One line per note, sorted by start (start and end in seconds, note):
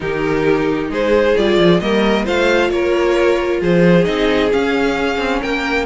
0.00 0.89 D#3
0.00 1.34 D#4
0.00 0.91 G4
0.00 0.91 A#4
0.89 1.34 G#3
0.89 1.81 G#4
0.89 1.37 C5
1.36 1.57 G3
1.36 1.81 F4
1.36 1.80 D5
1.57 1.80 F3
1.80 2.27 G3
1.80 2.25 A#3
1.80 2.25 A#4
1.80 2.25 D#5
2.25 2.71 A3
2.25 4.04 F4
2.25 2.70 C5
2.25 2.70 F5
2.70 3.61 A#3
2.70 3.60 A#4
2.70 3.60 C#5
3.60 4.06 F3
3.60 5.40 G#4
3.60 4.04 C5
4.04 4.52 C4
4.04 4.49 D#4
4.04 4.49 D#5
4.51 5.85 C#4
4.51 5.18 C#4
4.51 5.42 F5
5.18 5.40 C4
5.40 5.85 A#3
5.40 5.85 A#4
5.40 5.85 G5